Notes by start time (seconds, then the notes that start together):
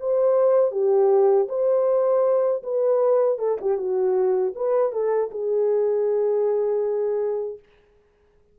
0.00 C5
0.71 G4
1.49 C5
2.63 B4
3.39 A4
3.61 G4
3.77 F#4
4.55 B4
4.92 A4
5.31 G#4